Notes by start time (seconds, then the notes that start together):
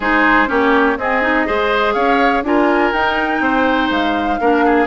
0.00 G#3 D#4 G#4 C5
0.46 A#3 C#4 G4 C#5
0.97 C4 G#4 D#5
1.22 D#4
1.46 G#3 G#4 C5
1.93 C#4 C#5 F5
2.43 D4 F4 A#4 G#5
2.92 D#4 G5
3.40 C4 C5
3.90 G#3 F5
4.40 A#3 D4 A#4
4.65 G#4